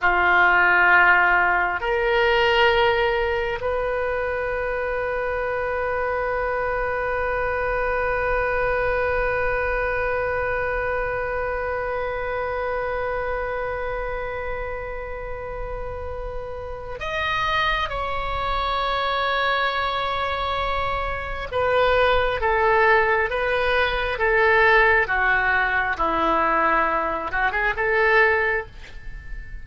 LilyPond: \new Staff \with { instrumentName = "oboe" } { \time 4/4 \tempo 4 = 67 f'2 ais'2 | b'1~ | b'1~ | b'1~ |
b'2. dis''4 | cis''1 | b'4 a'4 b'4 a'4 | fis'4 e'4. fis'16 gis'16 a'4 | }